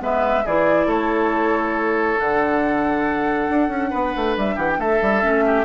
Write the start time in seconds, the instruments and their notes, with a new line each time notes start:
0.00 bassoon G#3, clarinet B3, oboe B4, flute E5
0.45 bassoon E3, clarinet E4, oboe G#4, flute D5
0.87 bassoon A3, oboe A4, flute C#5
2.18 bassoon D3, clarinet D4, flute F#5
3.50 bassoon D4
3.69 bassoon C#4
3.90 bassoon B3, oboe B4
4.16 bassoon A3
4.37 bassoon G3, flute E5
4.56 bassoon E3, oboe G4, flute F#5
4.70 flute G5
4.78 bassoon A3, oboe A4, flute E5
5.02 bassoon G3
5.22 bassoon A3, clarinet C#4
5.46 oboe G4